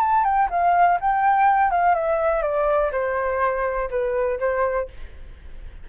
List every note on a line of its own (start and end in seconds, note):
0.00 0.24 A5
0.24 0.49 G5
0.51 1.00 F5
1.01 1.71 G5
1.71 1.95 F5
1.95 2.43 E5
2.43 2.91 D5
2.92 3.90 C5
3.90 4.39 B4
4.40 4.89 C5